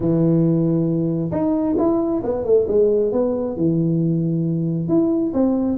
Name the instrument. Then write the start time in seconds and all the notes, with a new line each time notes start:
tuba
0.00 E3
1.31 D#4
1.78 E4
2.23 B3
2.44 A3
2.67 G#3
3.12 B3
3.56 E3
4.88 E4
5.33 C4